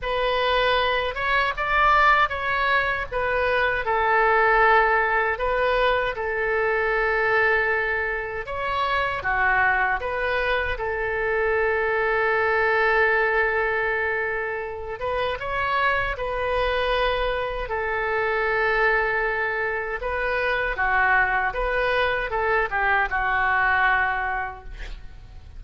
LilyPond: \new Staff \with { instrumentName = "oboe" } { \time 4/4 \tempo 4 = 78 b'4. cis''8 d''4 cis''4 | b'4 a'2 b'4 | a'2. cis''4 | fis'4 b'4 a'2~ |
a'2.~ a'8 b'8 | cis''4 b'2 a'4~ | a'2 b'4 fis'4 | b'4 a'8 g'8 fis'2 | }